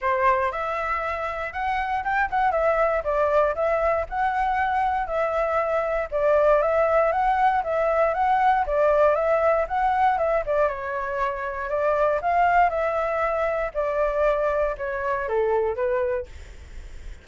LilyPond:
\new Staff \with { instrumentName = "flute" } { \time 4/4 \tempo 4 = 118 c''4 e''2 fis''4 | g''8 fis''8 e''4 d''4 e''4 | fis''2 e''2 | d''4 e''4 fis''4 e''4 |
fis''4 d''4 e''4 fis''4 | e''8 d''8 cis''2 d''4 | f''4 e''2 d''4~ | d''4 cis''4 a'4 b'4 | }